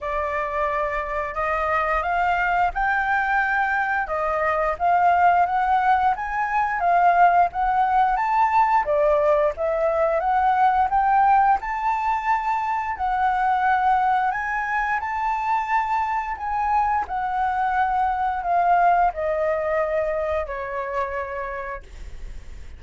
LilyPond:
\new Staff \with { instrumentName = "flute" } { \time 4/4 \tempo 4 = 88 d''2 dis''4 f''4 | g''2 dis''4 f''4 | fis''4 gis''4 f''4 fis''4 | a''4 d''4 e''4 fis''4 |
g''4 a''2 fis''4~ | fis''4 gis''4 a''2 | gis''4 fis''2 f''4 | dis''2 cis''2 | }